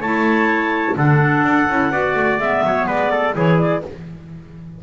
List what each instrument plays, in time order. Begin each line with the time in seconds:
0.00 double bass A3, clarinet E4 A5, trumpet C#5
0.96 double bass D3, clarinet D4 F#5, trumpet A4
1.44 double bass D4
1.68 double bass C#4, clarinet E4
1.91 double bass B3, clarinet F#4, trumpet D5
2.14 double bass A3
2.38 double bass G#3, clarinet B3 E5
2.63 double bass F#3, trumpet C#5
2.87 double bass G#3, trumpet B4, clarinet D5
3.11 trumpet A4
3.33 double bass E3, clarinet E4 C#5, trumpet G#4
3.58 clarinet D5